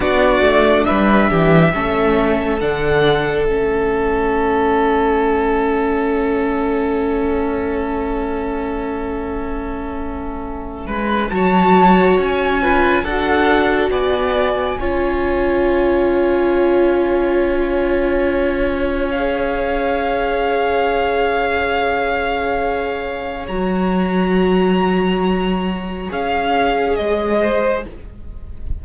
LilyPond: <<
  \new Staff \with { instrumentName = "violin" } { \time 4/4 \tempo 4 = 69 d''4 e''2 fis''4 | e''1~ | e''1~ | e''4 a''4 gis''4 fis''4 |
gis''1~ | gis''2 f''2~ | f''2. ais''4~ | ais''2 f''4 dis''4 | }
  \new Staff \with { instrumentName = "violin" } { \time 4/4 fis'4 b'8 g'8 a'2~ | a'1~ | a'1~ | a'8 b'8 cis''4. b'8 a'4 |
d''4 cis''2.~ | cis''1~ | cis''1~ | cis''2.~ cis''8 c''8 | }
  \new Staff \with { instrumentName = "viola" } { \time 4/4 d'2 cis'4 d'4 | cis'1~ | cis'1~ | cis'4 fis'4. f'8 fis'4~ |
fis'4 f'2.~ | f'2 gis'2~ | gis'2. fis'4~ | fis'2 gis'2 | }
  \new Staff \with { instrumentName = "cello" } { \time 4/4 b8 a8 g8 e8 a4 d4 | a1~ | a1~ | a8 gis8 fis4 cis'4 d'4 |
b4 cis'2.~ | cis'1~ | cis'2. fis4~ | fis2 cis'4 gis4 | }
>>